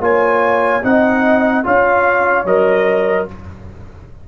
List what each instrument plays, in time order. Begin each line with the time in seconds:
0.00 tuba A#3, trombone F4, horn C#5, trumpet G#5
0.83 tuba C4, trombone D#4, horn D#5, trumpet F#5
1.64 tuba C#4, trombone F4, horn C#5, trumpet F5
2.44 tuba F#3, trombone A#4, trumpet D#5